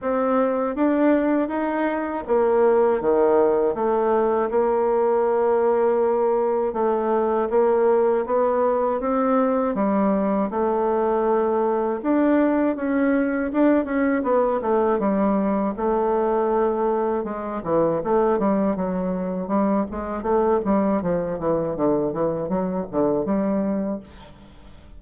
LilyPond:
\new Staff \with { instrumentName = "bassoon" } { \time 4/4 \tempo 4 = 80 c'4 d'4 dis'4 ais4 | dis4 a4 ais2~ | ais4 a4 ais4 b4 | c'4 g4 a2 |
d'4 cis'4 d'8 cis'8 b8 a8 | g4 a2 gis8 e8 | a8 g8 fis4 g8 gis8 a8 g8 | f8 e8 d8 e8 fis8 d8 g4 | }